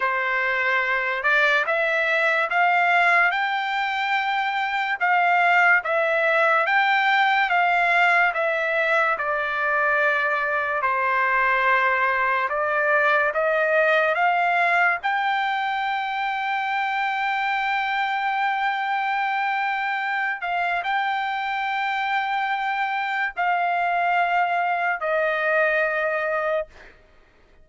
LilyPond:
\new Staff \with { instrumentName = "trumpet" } { \time 4/4 \tempo 4 = 72 c''4. d''8 e''4 f''4 | g''2 f''4 e''4 | g''4 f''4 e''4 d''4~ | d''4 c''2 d''4 |
dis''4 f''4 g''2~ | g''1~ | g''8 f''8 g''2. | f''2 dis''2 | }